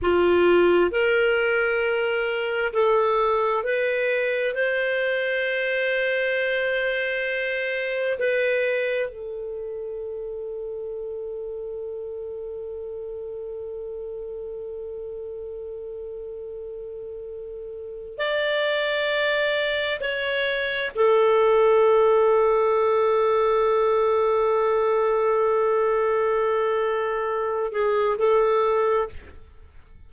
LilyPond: \new Staff \with { instrumentName = "clarinet" } { \time 4/4 \tempo 4 = 66 f'4 ais'2 a'4 | b'4 c''2.~ | c''4 b'4 a'2~ | a'1~ |
a'1 | d''2 cis''4 a'4~ | a'1~ | a'2~ a'8 gis'8 a'4 | }